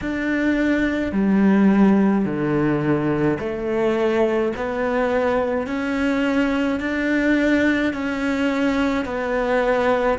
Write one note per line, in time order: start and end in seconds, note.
0.01 1.12 D4
1.12 2.25 G3
2.25 3.38 D3
3.39 4.52 A3
4.56 5.67 B3
5.67 6.79 C#4
6.79 7.92 D4
7.92 9.05 C#4
9.05 10.18 B3